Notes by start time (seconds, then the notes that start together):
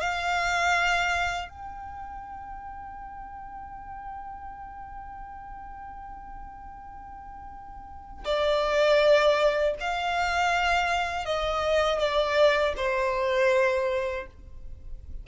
0.00 F5
1.49 G5
8.24 D5
9.80 F5
11.25 D#5
11.98 D5
12.76 C5